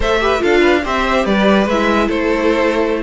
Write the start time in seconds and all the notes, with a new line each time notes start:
0.00 A3 A4 C5 E5
0.20 G4 B4
0.39 D4 F4 A4 F5
0.60 B4
0.83 C4 G4 C5 E5
1.25 G3 B4 D5
1.66 G#3 E4 E5
2.06 A3 A4 C5